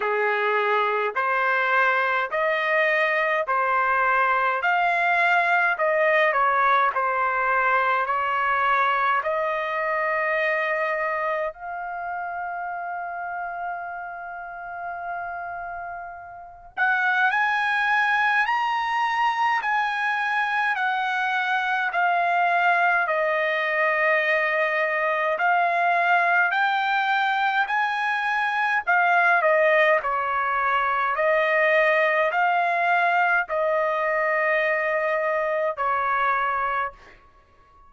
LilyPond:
\new Staff \with { instrumentName = "trumpet" } { \time 4/4 \tempo 4 = 52 gis'4 c''4 dis''4 c''4 | f''4 dis''8 cis''8 c''4 cis''4 | dis''2 f''2~ | f''2~ f''8 fis''8 gis''4 |
ais''4 gis''4 fis''4 f''4 | dis''2 f''4 g''4 | gis''4 f''8 dis''8 cis''4 dis''4 | f''4 dis''2 cis''4 | }